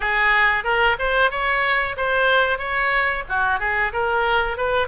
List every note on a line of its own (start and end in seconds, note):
0.00 0.63 G#4
0.63 0.96 A#4
0.98 1.30 C5
1.30 1.96 C#5
1.96 2.58 C5
2.58 3.23 C#5
3.28 3.59 F#4
3.59 3.92 G#4
3.92 4.57 A#4
4.57 4.87 B4